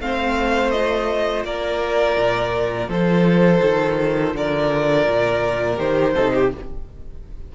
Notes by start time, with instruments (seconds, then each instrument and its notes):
0.00 cello A3, viola C4, violin C5 F5
0.71 viola F4, violin D#5
1.44 cello A#3, violin A#4 D5
2.18 cello A#2
2.88 cello F3, violin A4 C5
3.63 cello D#3
4.35 cello D3, violin A#4 D5
5.08 cello A#2
5.77 cello D#3, viola G4, violin C5
6.14 cello C3, viola D#4, violin A4
6.35 violin G4